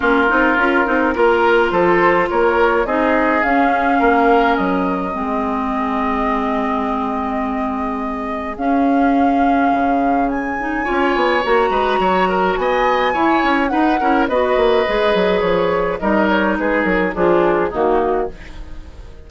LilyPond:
<<
  \new Staff \with { instrumentName = "flute" } { \time 4/4 \tempo 4 = 105 ais'2. c''4 | cis''4 dis''4 f''2 | dis''1~ | dis''2. f''4~ |
f''2 gis''2 | ais''2 gis''2 | fis''4 dis''2 cis''4 | dis''8 cis''8 b'8 ais'8 gis'4 fis'4 | }
  \new Staff \with { instrumentName = "oboe" } { \time 4/4 f'2 ais'4 a'4 | ais'4 gis'2 ais'4~ | ais'4 gis'2.~ | gis'1~ |
gis'2. cis''4~ | cis''8 b'8 cis''8 ais'8 dis''4 cis''4 | b'8 ais'8 b'2. | ais'4 gis'4 d'4 dis'4 | }
  \new Staff \with { instrumentName = "clarinet" } { \time 4/4 cis'8 dis'8 f'8 dis'8 f'2~ | f'4 dis'4 cis'2~ | cis'4 c'2.~ | c'2. cis'4~ |
cis'2~ cis'8 dis'8 f'4 | fis'2. e'4 | dis'8 e'8 fis'4 gis'2 | dis'2 f'4 ais4 | }
  \new Staff \with { instrumentName = "bassoon" } { \time 4/4 ais8 c'8 cis'8 c'8 ais4 f4 | ais4 c'4 cis'4 ais4 | fis4 gis2.~ | gis2. cis'4~ |
cis'4 cis2 cis'8 b8 | ais8 gis8 fis4 b4 e'8 cis'8 | dis'8 cis'8 b8 ais8 gis8 fis8 f4 | g4 gis8 fis8 f4 dis4 | }
>>